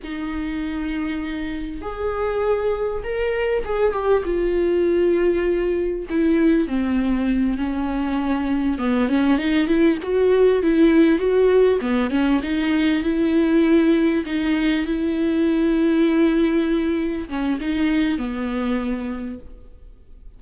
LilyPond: \new Staff \with { instrumentName = "viola" } { \time 4/4 \tempo 4 = 99 dis'2. gis'4~ | gis'4 ais'4 gis'8 g'8 f'4~ | f'2 e'4 c'4~ | c'8 cis'2 b8 cis'8 dis'8 |
e'8 fis'4 e'4 fis'4 b8 | cis'8 dis'4 e'2 dis'8~ | dis'8 e'2.~ e'8~ | e'8 cis'8 dis'4 b2 | }